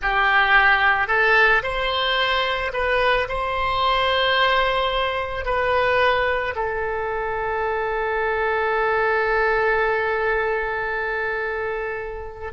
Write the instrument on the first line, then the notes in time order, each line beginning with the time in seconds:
oboe
0.01 G4
1.07 A4
1.62 C5
2.73 B4
3.28 C5
5.45 B4
6.55 A4